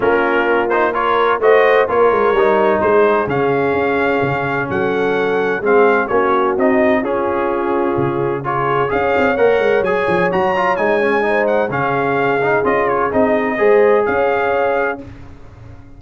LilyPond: <<
  \new Staff \with { instrumentName = "trumpet" } { \time 4/4 \tempo 4 = 128 ais'4. c''8 cis''4 dis''4 | cis''2 c''4 f''4~ | f''2 fis''2 | f''4 cis''4 dis''4 gis'4~ |
gis'2 cis''4 f''4 | fis''4 gis''4 ais''4 gis''4~ | gis''8 fis''8 f''2 dis''8 cis''8 | dis''2 f''2 | }
  \new Staff \with { instrumentName = "horn" } { \time 4/4 f'2 ais'4 c''4 | ais'2 gis'2~ | gis'2 a'2 | gis'4 fis'2 f'4~ |
f'2 gis'4 cis''4~ | cis''1 | c''4 gis'2.~ | gis'4 c''4 cis''2 | }
  \new Staff \with { instrumentName = "trombone" } { \time 4/4 cis'4. dis'8 f'4 fis'4 | f'4 dis'2 cis'4~ | cis'1 | c'4 cis'4 dis'4 cis'4~ |
cis'2 f'4 gis'4 | ais'4 gis'4 fis'8 f'8 dis'8 cis'8 | dis'4 cis'4. dis'8 f'4 | dis'4 gis'2. | }
  \new Staff \with { instrumentName = "tuba" } { \time 4/4 ais2. a4 | ais8 gis8 g4 gis4 cis4 | cis'4 cis4 fis2 | gis4 ais4 c'4 cis'4~ |
cis'4 cis2 cis'8 c'8 | ais8 gis8 fis8 f8 fis4 gis4~ | gis4 cis2 cis'4 | c'4 gis4 cis'2 | }
>>